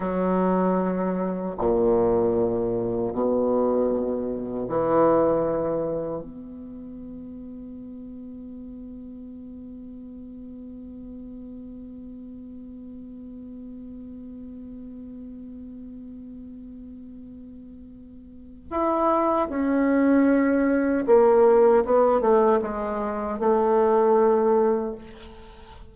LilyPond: \new Staff \with { instrumentName = "bassoon" } { \time 4/4 \tempo 4 = 77 fis2 ais,2 | b,2 e2 | b1~ | b1~ |
b1~ | b1 | e'4 cis'2 ais4 | b8 a8 gis4 a2 | }